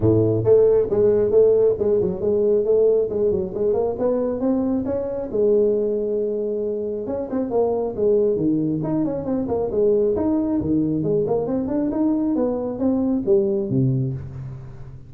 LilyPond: \new Staff \with { instrumentName = "tuba" } { \time 4/4 \tempo 4 = 136 a,4 a4 gis4 a4 | gis8 fis8 gis4 a4 gis8 fis8 | gis8 ais8 b4 c'4 cis'4 | gis1 |
cis'8 c'8 ais4 gis4 dis4 | dis'8 cis'8 c'8 ais8 gis4 dis'4 | dis4 gis8 ais8 c'8 d'8 dis'4 | b4 c'4 g4 c4 | }